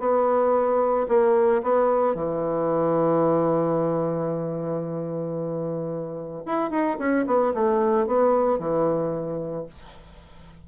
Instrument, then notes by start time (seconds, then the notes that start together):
bassoon
0.00 B3
1.09 A#3
1.63 B3
2.15 E3
6.46 E4
6.71 D#4
6.99 C#4
7.27 B3
7.54 A3
8.07 B3
8.59 E3